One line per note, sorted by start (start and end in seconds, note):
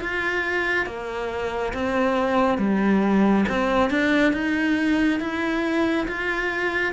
0.00 0.86 F4
0.86 1.73 A#3
1.74 2.58 C4
2.58 3.45 G3
3.49 3.90 C4
3.90 4.33 D4
4.33 5.20 D#4
5.20 6.07 E4
6.08 6.93 F4